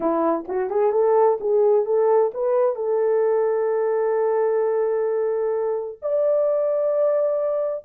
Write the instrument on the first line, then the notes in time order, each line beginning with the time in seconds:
horn
0.00 E4
0.48 F#4
0.69 G#4
0.92 A4
1.40 G#4
1.85 A4
2.34 B4
2.75 A4
6.01 D5